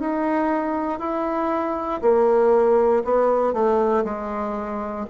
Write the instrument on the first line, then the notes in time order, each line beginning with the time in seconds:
bassoon
0.00 D#4
0.99 E4
2.02 A#3
3.05 B3
3.53 A3
4.04 G#3